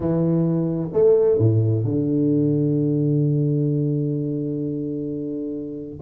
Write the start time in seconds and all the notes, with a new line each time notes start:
0.00 E3
0.92 A3
1.38 A2
1.84 D3